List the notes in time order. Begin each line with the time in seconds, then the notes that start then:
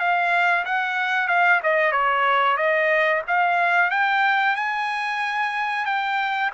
0.00 F5
0.66 F#5
1.28 F5
1.64 D#5
1.92 C#5
2.58 D#5
3.28 F5
3.91 G5
4.56 G#5
5.86 G5